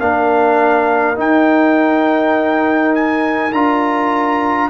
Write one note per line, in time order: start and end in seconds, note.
0.00 1.18 A#3
0.00 1.15 D4
0.00 4.70 A#4
0.00 1.18 F5
1.15 3.51 D#4
1.15 3.53 D#4
1.15 2.95 G5
2.95 3.53 G#5
3.53 4.70 D4
3.53 4.70 F4
3.53 4.70 A#5